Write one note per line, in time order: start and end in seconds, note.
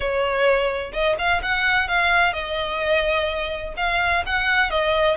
0.00 0.91 C#5
0.92 1.15 D#5
1.18 1.41 F5
1.42 1.87 F#5
1.87 2.33 F5
2.33 3.74 D#5
3.76 4.23 F5
4.25 4.70 F#5
4.70 5.16 D#5